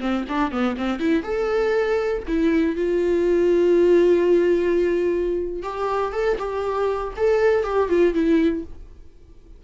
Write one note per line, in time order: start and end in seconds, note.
0.00 0.25 C4
0.28 0.51 D4
0.51 0.76 B3
0.77 0.99 C4
0.99 1.23 E4
1.23 2.23 A4
2.27 2.76 E4
2.76 5.62 F4
5.62 6.12 G4
6.12 6.38 A4
6.38 7.13 G4
7.17 7.64 A4
7.64 7.89 G4
7.89 8.13 F4
8.13 8.63 E4